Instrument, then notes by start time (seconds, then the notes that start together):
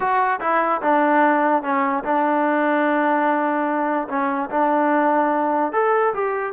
trombone
0.00 F#4
0.40 E4
0.82 D4
1.62 C#4
2.04 D4
4.09 C#4
4.50 D4
5.72 A4
6.13 G4